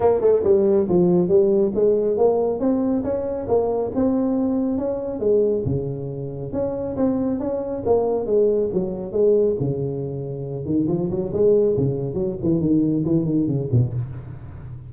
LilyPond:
\new Staff \with { instrumentName = "tuba" } { \time 4/4 \tempo 4 = 138 ais8 a8 g4 f4 g4 | gis4 ais4 c'4 cis'4 | ais4 c'2 cis'4 | gis4 cis2 cis'4 |
c'4 cis'4 ais4 gis4 | fis4 gis4 cis2~ | cis8 dis8 f8 fis8 gis4 cis4 | fis8 e8 dis4 e8 dis8 cis8 b,8 | }